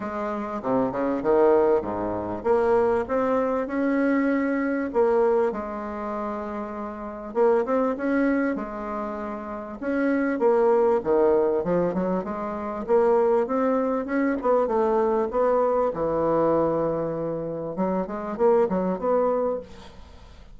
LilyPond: \new Staff \with { instrumentName = "bassoon" } { \time 4/4 \tempo 4 = 98 gis4 c8 cis8 dis4 gis,4 | ais4 c'4 cis'2 | ais4 gis2. | ais8 c'8 cis'4 gis2 |
cis'4 ais4 dis4 f8 fis8 | gis4 ais4 c'4 cis'8 b8 | a4 b4 e2~ | e4 fis8 gis8 ais8 fis8 b4 | }